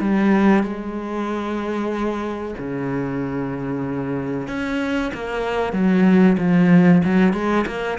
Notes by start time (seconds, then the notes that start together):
0.00 G3
0.63 G#3
2.58 C#3
4.47 C#4
5.14 A#3
5.73 F#3
6.38 F3
7.04 F#3
7.33 G#3
7.67 A#3